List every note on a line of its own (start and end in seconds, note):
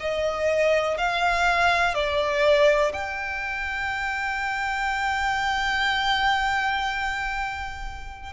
0.00 0.98 D#5
0.98 1.94 F5
1.94 2.92 D5
2.93 8.33 G5